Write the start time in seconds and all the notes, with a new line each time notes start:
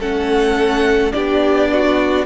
0.00 A3 C#4 A4 F#5
1.12 B3 D4 G4 D5
1.73 F#4